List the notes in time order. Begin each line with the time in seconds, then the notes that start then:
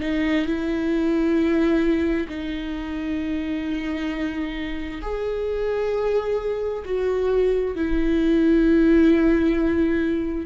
0.00 D#4
0.45 E4
2.28 D#4
5.01 G#4
6.84 F#4
7.75 E4